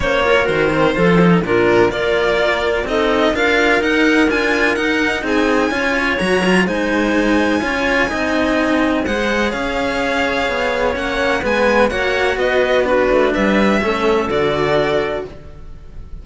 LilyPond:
<<
  \new Staff \with { instrumentName = "violin" } { \time 4/4 \tempo 4 = 126 cis''4 c''2 ais'4 | d''2 dis''4 f''4 | fis''4 gis''4 fis''4 gis''4~ | gis''4 ais''4 gis''2~ |
gis''2. fis''4 | f''2. fis''4 | gis''4 fis''4 dis''4 b'4 | e''2 d''2 | }
  \new Staff \with { instrumentName = "clarinet" } { \time 4/4 c''8 ais'4. a'4 f'4 | ais'2 a'4 ais'4~ | ais'2. gis'4 | cis''2 c''2 |
cis''4 dis''2 c''4 | cis''1 | b'4 cis''4 b'4 fis'4 | b'4 a'2. | }
  \new Staff \with { instrumentName = "cello" } { \time 4/4 cis'8 f'8 fis'8 c'8 f'8 dis'8 d'4 | f'2 dis'4 f'4 | dis'4 f'4 dis'2 | f'4 fis'8 f'8 dis'2 |
f'4 dis'2 gis'4~ | gis'2. cis'4 | b4 fis'2 d'4~ | d'4 cis'4 fis'2 | }
  \new Staff \with { instrumentName = "cello" } { \time 4/4 ais4 dis4 f4 ais,4 | ais2 c'4 d'4 | dis'4 d'4 dis'4 c'4 | cis'4 fis4 gis2 |
cis'4 c'2 gis4 | cis'2 b4 ais4 | gis4 ais4 b4. a8 | g4 a4 d2 | }
>>